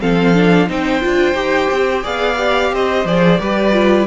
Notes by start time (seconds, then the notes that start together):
0.00 F3 C4 A4 F5
0.34 D4
0.67 C4 D#4 C5 G5
1.01 D4 F4
1.34 D#4 G4
1.70 C4
2.03 B3 G#4 D5 F5
2.37 G4
2.72 C4 C5 D#5
3.05 F3 G#4 D5
3.40 G3 G4 B4
3.72 F4